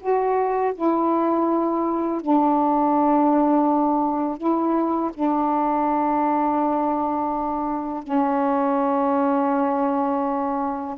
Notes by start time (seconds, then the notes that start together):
0.00 F#4
0.75 E4
2.22 D4
4.38 E4
5.14 D4
8.04 C#4